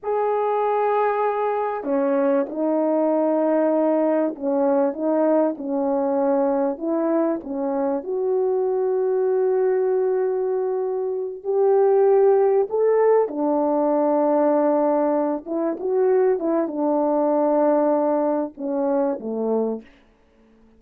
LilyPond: \new Staff \with { instrumentName = "horn" } { \time 4/4 \tempo 4 = 97 gis'2. cis'4 | dis'2. cis'4 | dis'4 cis'2 e'4 | cis'4 fis'2.~ |
fis'2~ fis'8 g'4.~ | g'8 a'4 d'2~ d'8~ | d'4 e'8 fis'4 e'8 d'4~ | d'2 cis'4 a4 | }